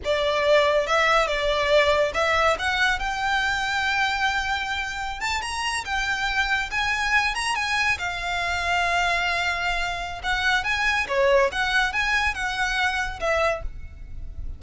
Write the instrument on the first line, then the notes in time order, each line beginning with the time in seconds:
violin
0.04 D5
0.86 E5
1.27 D5
2.14 E5
2.58 F#5
2.99 G5
5.20 A5
5.41 A#5
5.84 G5
6.70 G#5
7.34 A#5
7.55 G#5
7.98 F5
10.23 F#5
10.64 G#5
11.08 C#5
11.52 F#5
11.92 G#5
12.34 F#5
13.20 E5